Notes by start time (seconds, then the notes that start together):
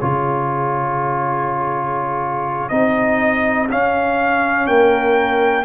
0.00 C#3 F4 G#4 C#5
2.69 C4 D#4 D#5
3.70 C#4 F5
4.67 A#3 A#4 G5